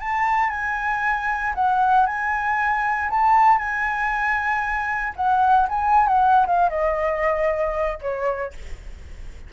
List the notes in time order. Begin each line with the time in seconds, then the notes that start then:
0.00 A5
0.50 G#5
1.54 F#5
2.06 G#5
3.10 A5
3.58 G#5
5.15 F#5
5.68 G#5
6.07 F#5
6.46 F5
6.69 D#5
8.01 C#5